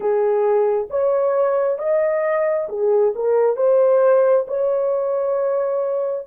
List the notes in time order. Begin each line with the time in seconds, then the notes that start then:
0.00 G#4
0.90 C#5
1.78 D#5
2.68 G#4
3.15 A#4
3.56 C5
4.47 C#5